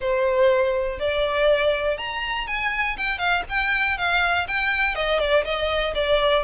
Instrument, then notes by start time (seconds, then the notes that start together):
violin
0.00 C5
0.99 D5
1.97 A#5
2.47 G#5
2.97 G5
3.18 F5
3.49 G5
3.97 F5
4.47 G5
4.95 D#5
5.19 D5
5.44 D#5
5.94 D5